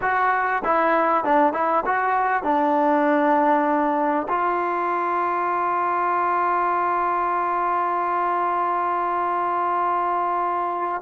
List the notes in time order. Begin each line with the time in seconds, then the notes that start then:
0.01 F#4
0.64 E4
1.24 D4
1.53 E4
1.85 F#4
2.43 D4
4.28 F4